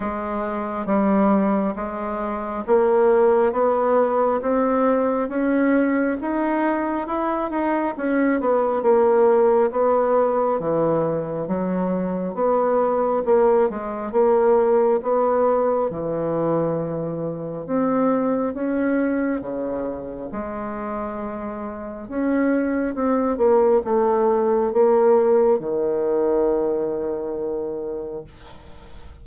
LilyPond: \new Staff \with { instrumentName = "bassoon" } { \time 4/4 \tempo 4 = 68 gis4 g4 gis4 ais4 | b4 c'4 cis'4 dis'4 | e'8 dis'8 cis'8 b8 ais4 b4 | e4 fis4 b4 ais8 gis8 |
ais4 b4 e2 | c'4 cis'4 cis4 gis4~ | gis4 cis'4 c'8 ais8 a4 | ais4 dis2. | }